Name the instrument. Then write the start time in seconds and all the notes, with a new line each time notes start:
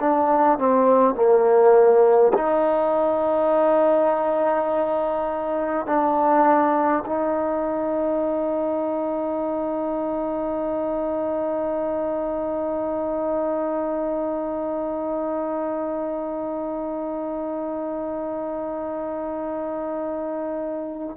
trombone
0.00 D4
0.58 C4
1.15 A#3
2.34 D#4
5.86 D4
7.05 D#4